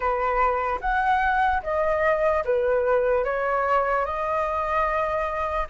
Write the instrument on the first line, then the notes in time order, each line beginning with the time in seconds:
flute
0.00 B4
0.81 F#5
1.63 D#5
2.44 B4
3.24 C#5
4.05 D#5